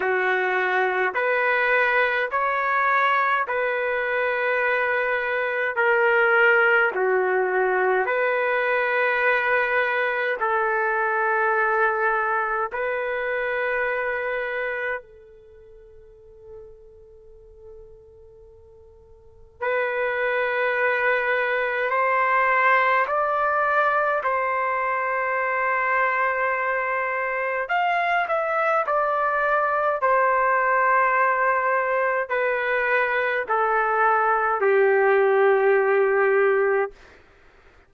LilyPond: \new Staff \with { instrumentName = "trumpet" } { \time 4/4 \tempo 4 = 52 fis'4 b'4 cis''4 b'4~ | b'4 ais'4 fis'4 b'4~ | b'4 a'2 b'4~ | b'4 a'2.~ |
a'4 b'2 c''4 | d''4 c''2. | f''8 e''8 d''4 c''2 | b'4 a'4 g'2 | }